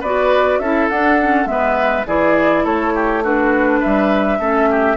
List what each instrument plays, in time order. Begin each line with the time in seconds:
0.00 bassoon B3, clarinet F#4, oboe B4, flute D5
0.58 bassoon C#4, clarinet E4, oboe A4, flute E5
0.89 bassoon D4, clarinet D4, flute F#5
1.21 clarinet C#4
1.45 bassoon G#3, clarinet B3, oboe B4, flute E5
2.06 bassoon E3, clarinet E4, oboe G#4, flute D5
2.63 bassoon A3, oboe A4, flute C#5
2.94 oboe G4
3.23 clarinet D4, oboe F#4, flute B4
3.79 bassoon G3, oboe B4, flute E5
4.39 bassoon A3, clarinet C#4, oboe A4
4.70 oboe G4